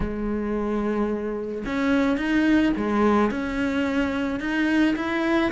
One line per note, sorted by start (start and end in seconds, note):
0.00 1.64 G#3
1.65 2.17 C#4
2.17 2.72 D#4
2.76 3.30 G#3
3.30 4.40 C#4
4.40 4.95 D#4
4.96 5.51 E4